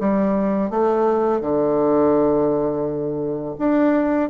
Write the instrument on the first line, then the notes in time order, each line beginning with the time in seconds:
bassoon
0.00 G3
0.70 A3
1.41 D3
3.58 D4